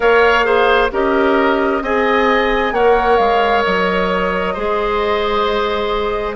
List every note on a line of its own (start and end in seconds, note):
0.00 0.91 A#3
0.00 0.42 A#4
0.00 0.45 C#5
0.00 0.90 F5
0.43 0.88 G#4
0.43 0.91 C5
0.91 1.81 C#4
0.91 1.82 G4
0.91 1.83 A#4
0.91 1.83 D#5
1.81 2.72 C4
1.81 2.74 G#4
1.81 2.74 D#5
1.81 2.74 G#5
2.72 3.17 A#3
2.72 4.55 A#4
2.72 4.53 C#5
2.72 3.16 F#5
3.16 3.64 G#3
3.16 3.62 F5
3.63 4.56 F#3
3.63 6.36 D#5
4.53 6.36 G#3
4.53 6.36 G#4
4.53 6.35 C5